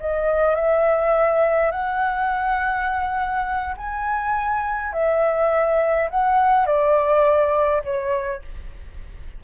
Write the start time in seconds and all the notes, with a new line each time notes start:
0.00 D#5
0.55 E5
1.71 F#5
3.77 G#5
4.93 E5
6.10 F#5
6.66 D5
7.84 C#5